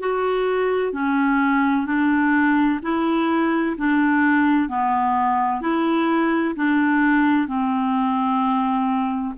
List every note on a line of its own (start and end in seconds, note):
0.00 0.93 F#4
0.93 1.86 C#4
1.86 2.80 D4
2.82 3.76 E4
3.78 4.69 D4
4.69 5.61 B3
5.61 6.55 E4
6.55 7.47 D4
7.47 9.35 C4